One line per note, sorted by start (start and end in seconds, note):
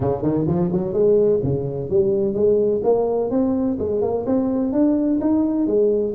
0.00 0.22 C#3
0.22 0.46 D#3
0.47 0.70 F3
0.72 0.93 F#3
0.93 1.40 G#3
1.43 1.89 C#3
1.89 2.34 G3
2.34 2.81 G#3
2.83 3.30 A#3
3.30 3.77 C4
3.79 4.01 G#3
4.01 4.25 A#3
4.25 4.72 C4
4.72 5.19 D4
5.21 5.66 D#4
5.66 6.14 G#3